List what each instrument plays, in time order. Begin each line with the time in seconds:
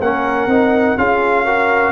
0.00 tuba A#3, trombone C#4, horn A#4, trumpet F#5
0.46 tuba C4, trombone D#4
0.97 tuba C#4, trombone F4, horn G#4, trumpet F5
1.45 trombone F#4, horn A#4